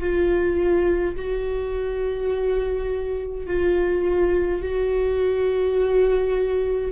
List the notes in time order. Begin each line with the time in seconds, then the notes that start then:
0.00 F4
1.16 F#4
3.47 F4
4.62 F#4